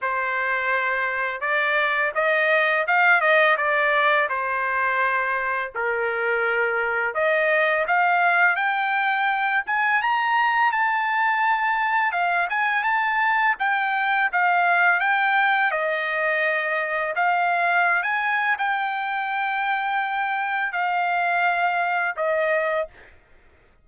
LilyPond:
\new Staff \with { instrumentName = "trumpet" } { \time 4/4 \tempo 4 = 84 c''2 d''4 dis''4 | f''8 dis''8 d''4 c''2 | ais'2 dis''4 f''4 | g''4. gis''8 ais''4 a''4~ |
a''4 f''8 gis''8 a''4 g''4 | f''4 g''4 dis''2 | f''4~ f''16 gis''8. g''2~ | g''4 f''2 dis''4 | }